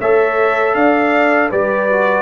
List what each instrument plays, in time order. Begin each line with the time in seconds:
0.00 tuba A3, trombone A4, horn C#5, trumpet E5
0.75 tuba D4, horn D5, trumpet F5
1.51 tuba G3, trombone G4, horn B4, trumpet D5
1.91 trombone F#4